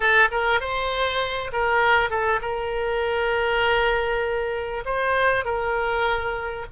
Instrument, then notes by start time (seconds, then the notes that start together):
oboe
0.00 A4
0.31 A#4
0.60 C5
1.52 A#4
2.09 A4
2.41 A#4
4.85 C5
5.44 A#4